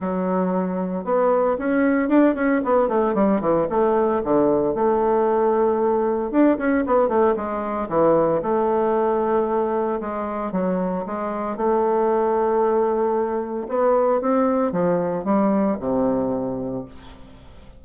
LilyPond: \new Staff \with { instrumentName = "bassoon" } { \time 4/4 \tempo 4 = 114 fis2 b4 cis'4 | d'8 cis'8 b8 a8 g8 e8 a4 | d4 a2. | d'8 cis'8 b8 a8 gis4 e4 |
a2. gis4 | fis4 gis4 a2~ | a2 b4 c'4 | f4 g4 c2 | }